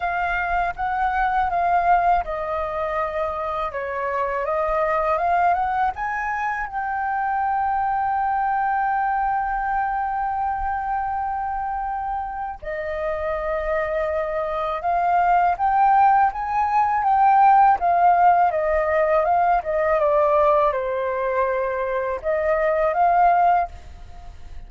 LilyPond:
\new Staff \with { instrumentName = "flute" } { \time 4/4 \tempo 4 = 81 f''4 fis''4 f''4 dis''4~ | dis''4 cis''4 dis''4 f''8 fis''8 | gis''4 g''2.~ | g''1~ |
g''4 dis''2. | f''4 g''4 gis''4 g''4 | f''4 dis''4 f''8 dis''8 d''4 | c''2 dis''4 f''4 | }